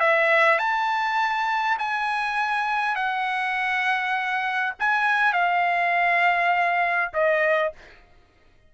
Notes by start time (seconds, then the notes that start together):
0.00 E5
0.59 A5
1.78 G#5
2.95 F#5
4.80 G#5
5.33 F5
7.13 D#5